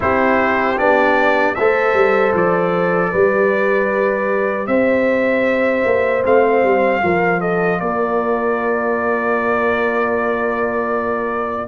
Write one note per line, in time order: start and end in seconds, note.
0.00 0.78 C4
0.00 0.76 E4
0.00 1.58 G4
0.00 0.78 C5
0.77 1.56 B3
0.77 1.55 D4
0.77 1.54 D5
1.54 1.93 A3
1.54 3.13 A4
1.54 3.11 C5
1.54 2.32 E5
1.93 2.32 G3
2.34 3.12 F3
2.34 4.67 D5
3.11 4.67 G3
3.11 6.24 G4
3.11 4.67 B4
4.67 5.84 C4
4.67 7.02 C5
4.67 6.22 E5
5.85 6.24 A#3
6.24 6.63 A3
6.24 7.01 C4
6.24 7.41 F5
6.63 7.02 G3
7.01 7.80 F3
7.01 11.67 F4
7.01 7.40 A#4
7.40 7.79 A4
7.40 7.80 D#5
7.80 11.67 A#3
7.80 11.67 A#4
7.80 11.67 D5